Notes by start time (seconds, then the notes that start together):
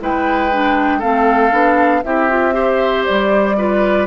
0.00 G#3 E4 B4 G5
0.52 D4
0.99 A3 C4 A4 F5
1.51 B3 D4
2.03 C4 E4 G4 E5
2.29 F4
2.53 G4 C5
3.05 G3 D5
3.57 F4 B4